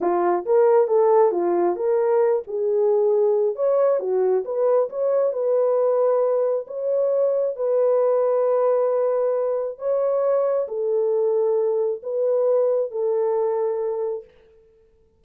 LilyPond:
\new Staff \with { instrumentName = "horn" } { \time 4/4 \tempo 4 = 135 f'4 ais'4 a'4 f'4 | ais'4. gis'2~ gis'8 | cis''4 fis'4 b'4 cis''4 | b'2. cis''4~ |
cis''4 b'2.~ | b'2 cis''2 | a'2. b'4~ | b'4 a'2. | }